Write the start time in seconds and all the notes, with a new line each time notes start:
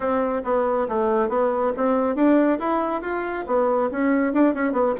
0.00 C4
0.44 B3
0.88 A3
1.28 B3
1.76 C4
2.15 D4
2.59 E4
3.01 F4
3.46 B3
3.91 C#4
4.33 D4
4.54 C#4
4.72 B3